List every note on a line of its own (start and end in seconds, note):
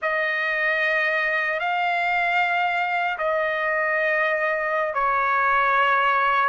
0.02 1.59 D#5
1.59 3.17 F5
3.18 4.94 D#5
4.94 6.49 C#5